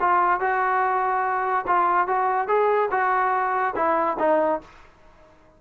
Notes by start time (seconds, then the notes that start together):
0.00 F4
0.40 F#4
1.67 F4
2.07 F#4
2.48 G#4
2.91 F#4
3.76 E4
4.19 D#4